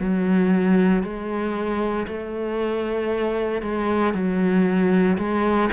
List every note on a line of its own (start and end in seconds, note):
0.00 1.03 F#3
1.03 2.07 G#3
2.08 3.63 A3
3.63 4.14 G#3
4.14 5.18 F#3
5.18 5.70 G#3